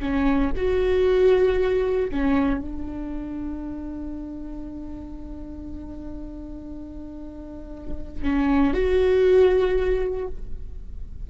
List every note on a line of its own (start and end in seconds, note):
0.00 0.51 C#4
0.57 2.11 F#4
2.11 2.61 C#4
2.61 8.23 D4
8.23 8.74 C#4
8.74 10.28 F#4